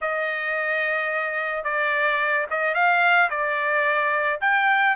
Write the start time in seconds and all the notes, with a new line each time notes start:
0.01 D#5
1.63 D5
2.50 D#5
2.74 F5
3.30 D5
4.41 G5